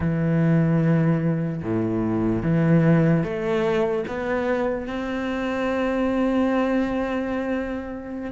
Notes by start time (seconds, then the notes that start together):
0.00 E3
1.62 A2
2.42 E3
3.23 A3
4.07 B3
4.87 C4